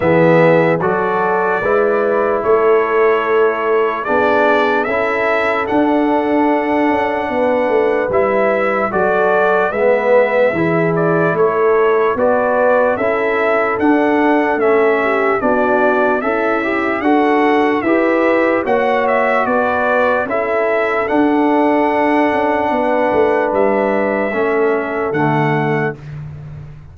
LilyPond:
<<
  \new Staff \with { instrumentName = "trumpet" } { \time 4/4 \tempo 4 = 74 e''4 d''2 cis''4~ | cis''4 d''4 e''4 fis''4~ | fis''2 e''4 d''4 | e''4. d''8 cis''4 d''4 |
e''4 fis''4 e''4 d''4 | e''4 fis''4 e''4 fis''8 e''8 | d''4 e''4 fis''2~ | fis''4 e''2 fis''4 | }
  \new Staff \with { instrumentName = "horn" } { \time 4/4 gis'4 a'4 b'4 a'4~ | a'4 gis'4 a'2~ | a'4 b'2 a'4 | b'4 gis'4 a'4 b'4 |
a'2~ a'8 g'8 fis'4 | e'4 a'4 b'4 cis''4 | b'4 a'2. | b'2 a'2 | }
  \new Staff \with { instrumentName = "trombone" } { \time 4/4 b4 fis'4 e'2~ | e'4 d'4 e'4 d'4~ | d'2 e'4 fis'4 | b4 e'2 fis'4 |
e'4 d'4 cis'4 d'4 | a'8 g'8 fis'4 g'4 fis'4~ | fis'4 e'4 d'2~ | d'2 cis'4 a4 | }
  \new Staff \with { instrumentName = "tuba" } { \time 4/4 e4 fis4 gis4 a4~ | a4 b4 cis'4 d'4~ | d'8 cis'8 b8 a8 g4 fis4 | gis4 e4 a4 b4 |
cis'4 d'4 a4 b4 | cis'4 d'4 e'4 ais4 | b4 cis'4 d'4. cis'8 | b8 a8 g4 a4 d4 | }
>>